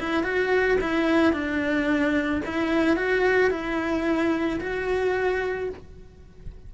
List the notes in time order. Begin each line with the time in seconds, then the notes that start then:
0.00 E4
0.24 F#4
0.81 E4
1.33 D4
2.45 E4
2.97 F#4
3.51 E4
4.61 F#4